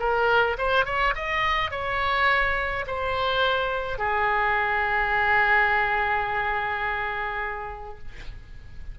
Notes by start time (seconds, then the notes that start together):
0.00 A#4
0.58 C5
0.86 C#5
1.16 D#5
1.71 C#5
2.87 C5
3.99 G#4